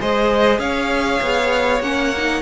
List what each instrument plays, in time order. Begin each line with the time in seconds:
0.00 cello G#3, viola G#4, violin C5 D#5
0.58 cello C#4, violin C#5 F5
1.21 cello B3
1.80 cello A#3, viola C#4, violin F#5
2.17 viola D#4